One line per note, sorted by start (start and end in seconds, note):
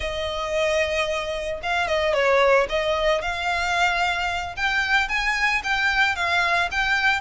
0.00 1.60 D#5
1.62 1.87 F5
1.87 2.13 D#5
2.13 2.67 C#5
2.69 3.21 D#5
3.21 4.55 F5
4.56 5.08 G5
5.08 5.62 G#5
5.63 6.15 G5
6.15 6.69 F5
6.71 7.21 G5